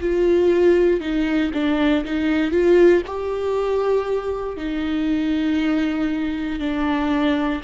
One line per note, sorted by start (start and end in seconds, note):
0.00 1.00 F4
1.00 1.51 D#4
1.53 2.04 D4
2.04 2.51 D#4
2.51 3.02 F4
3.06 4.57 G4
4.57 6.59 D#4
6.59 7.61 D4